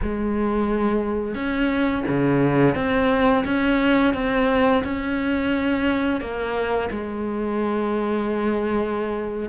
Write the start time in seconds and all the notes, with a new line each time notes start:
0.02 G#3
1.34 C#4
2.08 C#3
2.75 C4
3.45 C#4
4.14 C4
4.83 C#4
6.20 A#3
6.90 G#3